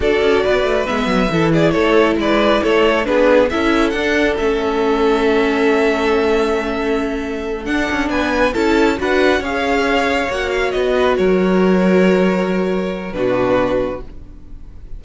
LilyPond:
<<
  \new Staff \with { instrumentName = "violin" } { \time 4/4 \tempo 4 = 137 d''2 e''4. d''8 | cis''4 d''4 cis''4 b'4 | e''4 fis''4 e''2~ | e''1~ |
e''4. fis''4 gis''4 a''8~ | a''8 fis''4 f''2 fis''8 | f''8 dis''4 cis''2~ cis''8~ | cis''2 b'2 | }
  \new Staff \with { instrumentName = "violin" } { \time 4/4 a'4 b'2 a'8 gis'8 | a'4 b'4 a'4 gis'4 | a'1~ | a'1~ |
a'2~ a'8 b'4 a'8~ | a'8 b'4 cis''2~ cis''8~ | cis''4 b'8 ais'2~ ais'8~ | ais'2 fis'2 | }
  \new Staff \with { instrumentName = "viola" } { \time 4/4 fis'2 b4 e'4~ | e'2. d'4 | e'4 d'4 cis'2~ | cis'1~ |
cis'4. d'2 e'8~ | e'8 fis'4 gis'2 fis'8~ | fis'1~ | fis'2 d'2 | }
  \new Staff \with { instrumentName = "cello" } { \time 4/4 d'8 cis'8 b8 a8 gis8 fis8 e4 | a4 gis4 a4 b4 | cis'4 d'4 a2~ | a1~ |
a4. d'8 cis'8 b4 cis'8~ | cis'8 d'4 cis'2 ais8~ | ais8 b4 fis2~ fis8~ | fis2 b,2 | }
>>